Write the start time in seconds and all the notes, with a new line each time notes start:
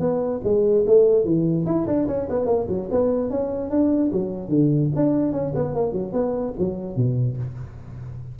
0.00 B3
0.44 G#3
0.87 A3
1.25 E3
1.66 E4
1.87 D4
2.08 C#4
2.30 B3
2.46 A#3
2.69 F#3
2.91 B3
3.31 C#4
3.71 D4
4.13 F#3
4.49 D3
4.96 D4
5.32 C#4
5.55 B3
5.75 A#3
5.93 F#3
6.13 B3
6.59 F#3
6.96 B2